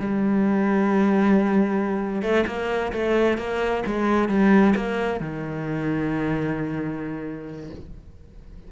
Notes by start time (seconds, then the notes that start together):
0.00 G3
2.22 A3
2.47 A#3
2.93 A3
3.38 A#3
3.86 G#3
4.29 G3
4.76 A#3
5.20 D#3